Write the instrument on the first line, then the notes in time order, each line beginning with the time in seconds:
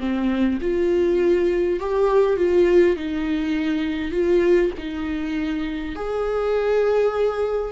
viola
0.00 C4
0.62 F4
1.80 G4
2.37 F4
2.97 D#4
4.12 F4
4.78 D#4
5.96 G#4